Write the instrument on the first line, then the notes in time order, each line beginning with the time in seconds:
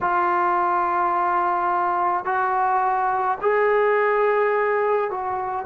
trombone
0.01 F4
2.24 F#4
3.41 G#4
5.10 F#4